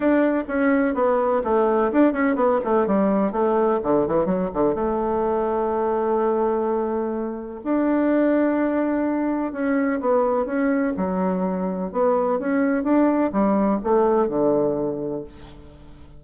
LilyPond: \new Staff \with { instrumentName = "bassoon" } { \time 4/4 \tempo 4 = 126 d'4 cis'4 b4 a4 | d'8 cis'8 b8 a8 g4 a4 | d8 e8 fis8 d8 a2~ | a1 |
d'1 | cis'4 b4 cis'4 fis4~ | fis4 b4 cis'4 d'4 | g4 a4 d2 | }